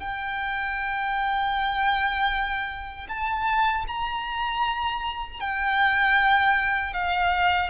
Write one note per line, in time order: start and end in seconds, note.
0.00 3.08 G5
3.09 3.86 A5
3.88 5.41 A#5
5.41 6.94 G5
6.94 7.70 F5